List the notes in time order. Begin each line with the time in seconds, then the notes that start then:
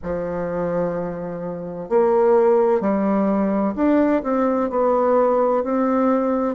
0.03 F3
1.89 A#3
2.80 G3
3.75 D4
4.23 C4
4.70 B3
5.63 C4